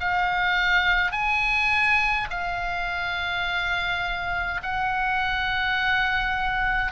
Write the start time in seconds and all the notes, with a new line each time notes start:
0.00 F5
1.12 G#5
2.30 F5
4.63 F#5